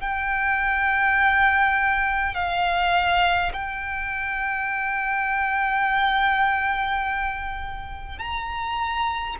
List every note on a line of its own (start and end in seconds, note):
0.00 2.34 G5
2.34 3.52 F5
3.53 8.18 G5
8.18 9.36 A#5